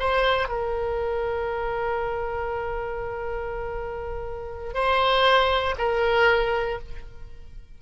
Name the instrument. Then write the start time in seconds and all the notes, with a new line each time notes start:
oboe
0.00 C5
0.49 A#4
4.74 C5
5.78 A#4